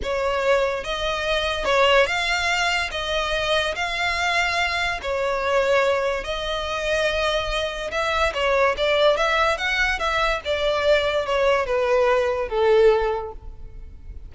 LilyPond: \new Staff \with { instrumentName = "violin" } { \time 4/4 \tempo 4 = 144 cis''2 dis''2 | cis''4 f''2 dis''4~ | dis''4 f''2. | cis''2. dis''4~ |
dis''2. e''4 | cis''4 d''4 e''4 fis''4 | e''4 d''2 cis''4 | b'2 a'2 | }